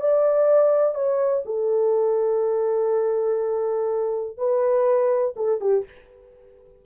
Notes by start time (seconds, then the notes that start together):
0.00 D5
0.94 C#5
1.45 A4
4.37 B4
5.36 A4
5.60 G4